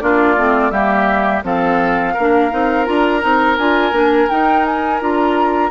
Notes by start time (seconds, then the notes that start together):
0.00 A#3 D4 F4 D5
0.36 A3 C4
0.71 G3 A#3 G4 E5
1.43 F3 C4 A4 F5
2.14 A#3 A#4
2.20 D4
2.51 C4 D#4
2.86 D4 F4 A#5
3.21 C4 D#4
3.58 D4 F4 G#5
3.92 A#3 D4
4.29 D#4 G5
4.66 G#5
5.01 D4 F4 A#5